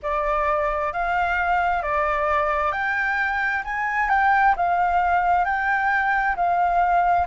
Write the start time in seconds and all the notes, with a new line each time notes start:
0.02 D5
0.92 F5
1.82 D5
2.71 G5
3.64 G#5
4.09 G5
4.56 F5
5.44 G5
6.36 F5